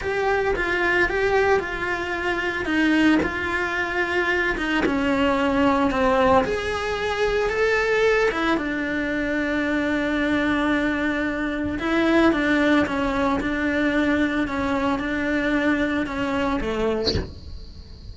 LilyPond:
\new Staff \with { instrumentName = "cello" } { \time 4/4 \tempo 4 = 112 g'4 f'4 g'4 f'4~ | f'4 dis'4 f'2~ | f'8 dis'8 cis'2 c'4 | gis'2 a'4. e'8 |
d'1~ | d'2 e'4 d'4 | cis'4 d'2 cis'4 | d'2 cis'4 a4 | }